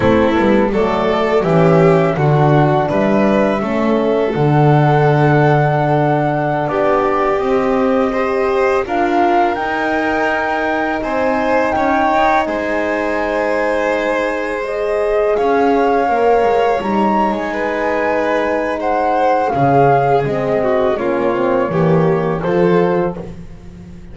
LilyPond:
<<
  \new Staff \with { instrumentName = "flute" } { \time 4/4 \tempo 4 = 83 a'4 d''4 e''4 fis''4 | e''2 fis''2~ | fis''4~ fis''16 d''4 dis''4.~ dis''16~ | dis''16 f''4 g''2 gis''8.~ |
gis''16 g''4 gis''2~ gis''8.~ | gis''16 dis''4 f''2 ais''8. | gis''2 fis''4 f''4 | dis''4 cis''2 c''4 | }
  \new Staff \with { instrumentName = "violin" } { \time 4/4 e'4 a'4 g'4 fis'4 | b'4 a'2.~ | a'4~ a'16 g'2 c''8.~ | c''16 ais'2. c''8.~ |
c''16 cis''4 c''2~ c''8.~ | c''4~ c''16 cis''2~ cis''8.~ | cis''16 b'4.~ b'16 c''4 gis'4~ | gis'8 fis'8 f'4 g'4 a'4 | }
  \new Staff \with { instrumentName = "horn" } { \time 4/4 c'8 b8 a4 cis'4 d'4~ | d'4 cis'4 d'2~ | d'2~ d'16 c'4 g'8.~ | g'16 f'4 dis'2~ dis'8.~ |
dis'1~ | dis'16 gis'2 ais'4 dis'8.~ | dis'2. cis'4 | c'4 cis'8 c'8 ais4 f'4 | }
  \new Staff \with { instrumentName = "double bass" } { \time 4/4 a8 g8 fis4 e4 d4 | g4 a4 d2~ | d4~ d16 b4 c'4.~ c'16~ | c'16 d'4 dis'2 c'8.~ |
c'16 cis'8 dis'8 gis2~ gis8.~ | gis4~ gis16 cis'4 ais8 gis8 g8. | gis2. cis4 | gis4 ais4 e4 f4 | }
>>